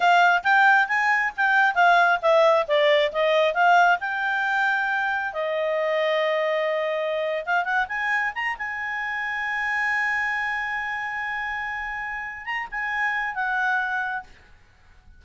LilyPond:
\new Staff \with { instrumentName = "clarinet" } { \time 4/4 \tempo 4 = 135 f''4 g''4 gis''4 g''4 | f''4 e''4 d''4 dis''4 | f''4 g''2. | dis''1~ |
dis''8. f''8 fis''8 gis''4 ais''8 gis''8.~ | gis''1~ | gis''1 | ais''8 gis''4. fis''2 | }